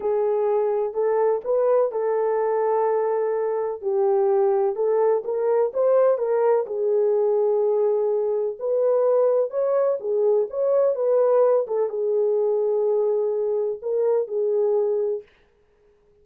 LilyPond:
\new Staff \with { instrumentName = "horn" } { \time 4/4 \tempo 4 = 126 gis'2 a'4 b'4 | a'1 | g'2 a'4 ais'4 | c''4 ais'4 gis'2~ |
gis'2 b'2 | cis''4 gis'4 cis''4 b'4~ | b'8 a'8 gis'2.~ | gis'4 ais'4 gis'2 | }